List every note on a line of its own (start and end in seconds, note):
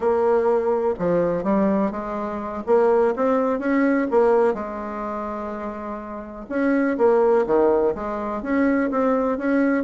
0.00 0.94 A#3
0.99 1.43 F3
1.43 1.91 G3
1.91 2.63 G#3
2.66 3.14 A#3
3.15 3.59 C4
3.59 4.07 C#4
4.10 4.54 A#3
4.54 6.46 G#3
6.49 6.97 C#4
6.97 7.45 A#3
7.46 7.94 D#3
7.94 8.42 G#3
8.42 8.90 C#4
8.90 9.37 C4
9.37 9.84 C#4